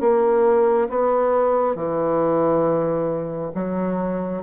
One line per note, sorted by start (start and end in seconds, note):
0.00 0.88 A#3
0.89 1.75 B3
1.75 3.51 E3
3.55 4.42 F#3